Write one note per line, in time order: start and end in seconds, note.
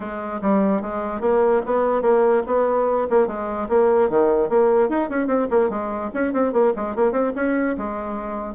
0.00 0.40 G#3
0.41 0.81 G3
0.81 1.20 G#3
1.20 1.61 A#3
1.66 2.01 B3
2.01 2.42 A#3
2.46 3.07 B3
3.10 3.27 A#3
3.27 3.68 G#3
3.68 4.09 A#3
4.09 4.49 D#3
4.49 4.89 A#3
4.89 5.09 D#4
5.09 5.27 C#4
5.27 5.47 C4
5.50 5.69 A#3
5.69 6.10 G#3
6.13 6.33 C#4
6.33 6.52 C4
6.52 6.73 A#3
6.76 6.95 G#3
6.95 7.12 A#3
7.12 7.32 C4
7.35 7.76 C#4
7.77 8.55 G#3